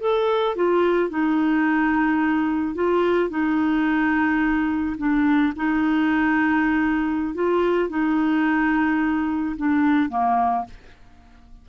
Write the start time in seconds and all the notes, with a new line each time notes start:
0.00 A4
0.56 F4
1.10 D#4
2.75 F4
3.30 D#4
4.98 D4
5.56 D#4
7.34 F4
7.89 D#4
9.57 D4
10.09 A#3